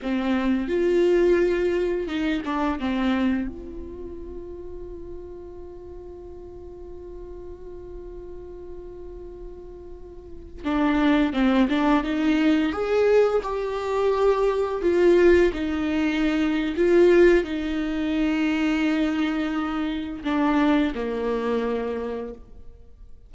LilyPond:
\new Staff \with { instrumentName = "viola" } { \time 4/4 \tempo 4 = 86 c'4 f'2 dis'8 d'8 | c'4 f'2.~ | f'1~ | f'2.~ f'16 d'8.~ |
d'16 c'8 d'8 dis'4 gis'4 g'8.~ | g'4~ g'16 f'4 dis'4.~ dis'16 | f'4 dis'2.~ | dis'4 d'4 ais2 | }